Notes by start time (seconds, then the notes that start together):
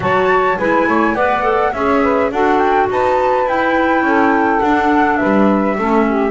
0.00 F#3 F#4 C#5 A5
0.58 G#3 E4 B4 G#5
0.87 A3 C#5
1.13 B3 B4 D5 F#5
1.42 A4
1.73 C#4 G#4 C#5 E5
2.02 B4
2.31 D4 F#4 A4 F#5
2.58 G5
2.89 D#4 B4 A5
3.44 E4 G5
4.02 C#4 A4
4.59 D4 F#5
5.17 B4 E5
5.23 G3
5.77 A3 C#4 A4
6.07 G4